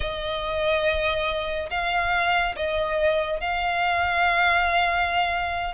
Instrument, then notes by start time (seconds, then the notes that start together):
violin
0.00 D#5
1.70 F5
2.56 D#5
3.40 F5